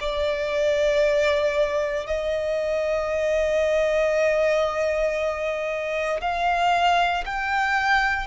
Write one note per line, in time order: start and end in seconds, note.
0.00 2.07 D5
2.07 6.21 D#5
6.21 7.24 F5
7.26 8.27 G5